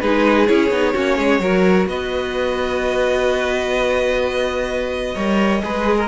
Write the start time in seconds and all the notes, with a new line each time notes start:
0.00 G#3 D#4 G#4 B4
0.47 C#4 E4 C#5
0.70 B3 D#4
0.94 A#3 C#4 F#4
1.17 G#3 G#4
1.40 F#3 F#4 A#4
1.87 B3 B4 D#5
5.15 G3 A#4 C#5
5.62 G#3 G#4 B4
5.98 A#4